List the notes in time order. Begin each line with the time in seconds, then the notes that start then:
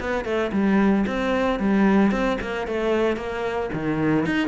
0.00 B3
0.24 A3
0.52 G3
1.07 C4
1.59 G3
2.11 C4
2.41 A#3
2.67 A3
3.16 A#3
3.73 D#3
4.26 D#4